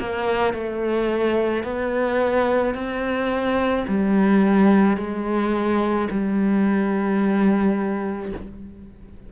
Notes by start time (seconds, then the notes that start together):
0.00 A#3
0.53 A3
1.63 B3
2.74 C4
3.87 G3
4.97 G#3
6.10 G3